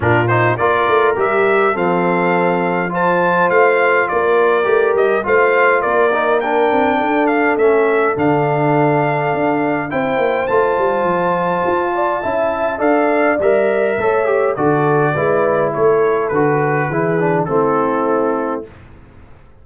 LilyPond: <<
  \new Staff \with { instrumentName = "trumpet" } { \time 4/4 \tempo 4 = 103 ais'8 c''8 d''4 e''4 f''4~ | f''4 a''4 f''4 d''4~ | d''8 dis''8 f''4 d''4 g''4~ | g''8 f''8 e''4 f''2~ |
f''4 g''4 a''2~ | a''2 f''4 e''4~ | e''4 d''2 cis''4 | b'2 a'2 | }
  \new Staff \with { instrumentName = "horn" } { \time 4/4 f'4 ais'2 a'4~ | a'4 c''2 ais'4~ | ais'4 c''4 ais'2 | a'1~ |
a'4 c''2.~ | c''8 d''8 e''4 d''2 | cis''4 a'4 b'4 a'4~ | a'4 gis'4 e'2 | }
  \new Staff \with { instrumentName = "trombone" } { \time 4/4 d'8 dis'8 f'4 g'4 c'4~ | c'4 f'2. | g'4 f'4. dis'8 d'4~ | d'4 cis'4 d'2~ |
d'4 e'4 f'2~ | f'4 e'4 a'4 ais'4 | a'8 g'8 fis'4 e'2 | fis'4 e'8 d'8 c'2 | }
  \new Staff \with { instrumentName = "tuba" } { \time 4/4 ais,4 ais8 a8 g4 f4~ | f2 a4 ais4 | a8 g8 a4 ais4. c'8 | d'4 a4 d2 |
d'4 c'8 ais8 a8 g8 f4 | f'4 cis'4 d'4 g4 | a4 d4 gis4 a4 | d4 e4 a2 | }
>>